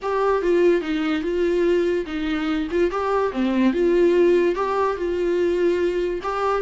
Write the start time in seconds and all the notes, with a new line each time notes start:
0.02 G4
0.42 F4
0.81 D#4
1.22 F4
2.06 D#4
2.71 F4
2.90 G4
3.32 C4
3.73 F4
4.55 G4
4.96 F4
6.23 G4